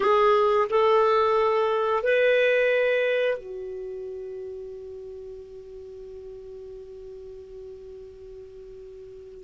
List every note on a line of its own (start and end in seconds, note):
0.00 0.67 G#4
0.69 2.03 A4
2.03 3.37 B4
3.37 9.44 F#4